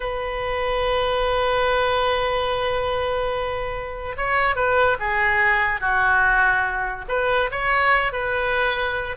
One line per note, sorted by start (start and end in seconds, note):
0.00 4.16 B4
4.16 4.55 C#5
4.55 4.97 B4
4.99 5.80 G#4
5.80 7.05 F#4
7.08 7.50 B4
7.51 8.12 C#5
8.12 9.16 B4